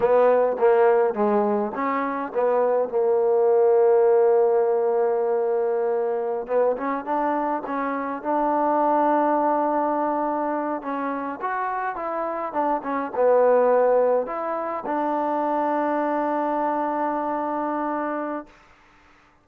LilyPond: \new Staff \with { instrumentName = "trombone" } { \time 4/4 \tempo 4 = 104 b4 ais4 gis4 cis'4 | b4 ais2.~ | ais2.~ ais16 b8 cis'16~ | cis'16 d'4 cis'4 d'4.~ d'16~ |
d'2~ d'8. cis'4 fis'16~ | fis'8. e'4 d'8 cis'8 b4~ b16~ | b8. e'4 d'2~ d'16~ | d'1 | }